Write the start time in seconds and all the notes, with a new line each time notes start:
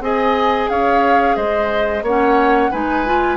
0.00 C4 G#4 D#5 G#5
0.69 C#4 C#5 F5
1.36 G#3 C5 D#5
2.02 A#3 C#4 C#5 F#5
2.71 G#3 D#4 B4 G#5
3.05 F4